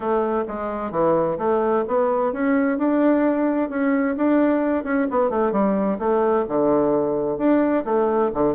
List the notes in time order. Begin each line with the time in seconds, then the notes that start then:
0.00 A3
0.47 G#3
0.91 E3
1.38 A3
1.87 B3
2.33 C#4
2.78 D4
3.69 C#4
4.16 D4
4.84 C#4
5.10 B3
5.30 A3
5.52 G3
5.98 A3
6.48 D3
7.37 D4
7.84 A3
8.34 D3